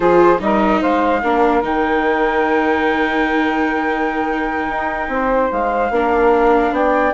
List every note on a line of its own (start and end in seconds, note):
0.00 0.40 F3
0.00 0.38 F4
0.00 0.40 G#4
0.00 0.40 C5
0.39 0.81 G3
0.39 1.20 D#4
0.39 0.80 A#4
0.39 0.82 D#5
0.80 1.23 G#3
0.80 1.21 C5
0.80 1.63 F5
1.22 1.62 A#3
1.22 1.63 D4
1.22 5.09 A#4
1.62 4.68 D#3
1.62 5.91 D#4
1.62 5.52 G5
4.68 5.08 D#4
5.08 5.49 C4
5.08 5.92 C5
5.52 5.90 G#3
5.52 6.74 F5
5.90 6.71 A#3
5.90 7.13 D4
5.90 6.73 A#4
6.71 7.12 B3
6.71 7.13 D5
6.71 7.13 G5